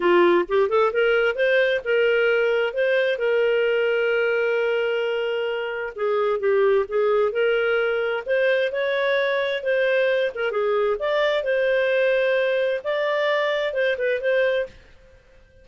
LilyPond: \new Staff \with { instrumentName = "clarinet" } { \time 4/4 \tempo 4 = 131 f'4 g'8 a'8 ais'4 c''4 | ais'2 c''4 ais'4~ | ais'1~ | ais'4 gis'4 g'4 gis'4 |
ais'2 c''4 cis''4~ | cis''4 c''4. ais'8 gis'4 | d''4 c''2. | d''2 c''8 b'8 c''4 | }